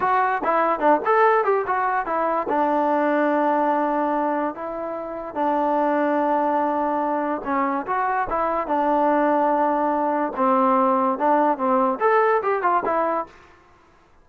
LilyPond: \new Staff \with { instrumentName = "trombone" } { \time 4/4 \tempo 4 = 145 fis'4 e'4 d'8 a'4 g'8 | fis'4 e'4 d'2~ | d'2. e'4~ | e'4 d'2.~ |
d'2 cis'4 fis'4 | e'4 d'2.~ | d'4 c'2 d'4 | c'4 a'4 g'8 f'8 e'4 | }